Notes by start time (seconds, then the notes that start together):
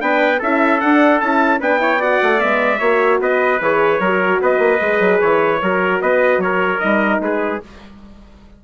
0.00 B3 D4 B4 G5
0.39 C#4 E4 A4 E5
0.81 D4 F#5
1.21 C#4 E4 A5
1.60 B3 D4 B4 G5
1.79 E4 C#5
2.00 F#4 D5 F#5
2.23 A3
2.40 G#3 B3 E5
2.79 A#3 F#4 C#5
3.20 B3 B4 D#5
3.61 E3 G#4 C#5
4.00 F#3 F#4 A#4
4.42 B3 B4 D#5
4.59 A#3
4.80 G#3 G#4
5.00 F#3
5.21 E3 C#5
5.62 F#3 F#4 A#4
6.02 B3 B4 D#5
6.38 F#3 C#5
6.44 A#4
6.80 G3 D#4 D#5
7.20 G#3 G#4 B4